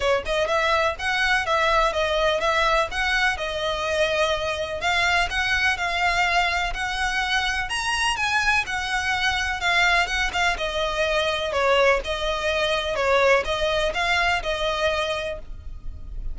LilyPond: \new Staff \with { instrumentName = "violin" } { \time 4/4 \tempo 4 = 125 cis''8 dis''8 e''4 fis''4 e''4 | dis''4 e''4 fis''4 dis''4~ | dis''2 f''4 fis''4 | f''2 fis''2 |
ais''4 gis''4 fis''2 | f''4 fis''8 f''8 dis''2 | cis''4 dis''2 cis''4 | dis''4 f''4 dis''2 | }